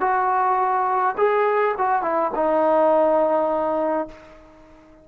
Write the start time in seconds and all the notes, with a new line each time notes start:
0.00 F#4
1.17 G#4
1.78 F#4
2.02 E4
2.35 D#4